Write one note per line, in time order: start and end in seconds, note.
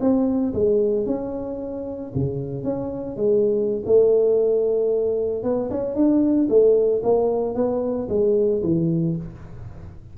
0.00 0.53 C4
0.53 1.05 G#3
1.05 2.12 C#4
2.14 2.63 C#3
2.63 3.16 C#4
3.16 3.83 G#3
3.85 5.43 A3
5.43 5.69 B3
5.70 5.95 C#4
5.95 6.48 D4
6.49 7.02 A3
7.03 7.54 A#3
7.54 8.08 B3
8.09 8.62 G#3
8.62 9.15 E3